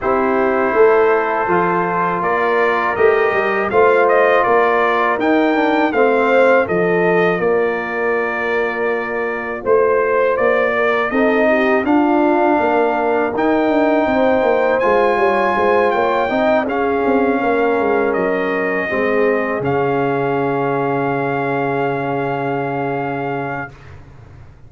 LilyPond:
<<
  \new Staff \with { instrumentName = "trumpet" } { \time 4/4 \tempo 4 = 81 c''2. d''4 | dis''4 f''8 dis''8 d''4 g''4 | f''4 dis''4 d''2~ | d''4 c''4 d''4 dis''4 |
f''2 g''2 | gis''4. g''4 f''4.~ | f''8 dis''2 f''4.~ | f''1 | }
  \new Staff \with { instrumentName = "horn" } { \time 4/4 g'4 a'2 ais'4~ | ais'4 c''4 ais'2 | c''4 a'4 ais'2~ | ais'4 c''4. ais'8 a'8 g'8 |
f'4 ais'2 c''4~ | c''8 cis''8 c''8 cis''8 dis''8 gis'4 ais'8~ | ais'4. gis'2~ gis'8~ | gis'1 | }
  \new Staff \with { instrumentName = "trombone" } { \time 4/4 e'2 f'2 | g'4 f'2 dis'8 d'8 | c'4 f'2.~ | f'2. dis'4 |
d'2 dis'2 | f'2 dis'8 cis'4.~ | cis'4. c'4 cis'4.~ | cis'1 | }
  \new Staff \with { instrumentName = "tuba" } { \time 4/4 c'4 a4 f4 ais4 | a8 g8 a4 ais4 dis'4 | a4 f4 ais2~ | ais4 a4 ais4 c'4 |
d'4 ais4 dis'8 d'8 c'8 ais8 | gis8 g8 gis8 ais8 c'8 cis'8 c'8 ais8 | gis8 fis4 gis4 cis4.~ | cis1 | }
>>